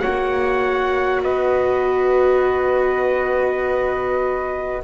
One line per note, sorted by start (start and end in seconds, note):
0.00 1.24 A#3
0.00 4.80 F#4
0.00 1.22 C#5
0.00 1.20 F#5
1.23 4.83 B3
1.23 4.83 B4
1.23 4.83 D#5